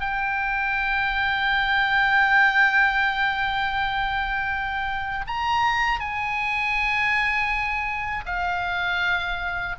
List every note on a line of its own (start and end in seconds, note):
0.00 5.25 G5
5.27 5.99 A#5
5.99 8.24 G#5
8.25 9.75 F5